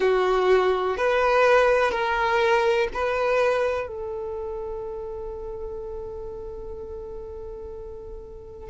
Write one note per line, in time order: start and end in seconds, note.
0.00 0.97 F#4
0.97 1.91 B4
1.91 2.88 A#4
2.93 3.87 B4
3.87 8.69 A4